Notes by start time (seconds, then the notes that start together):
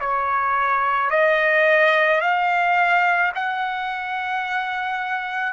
0.00 C#5
1.11 D#5
2.21 F5
3.35 F#5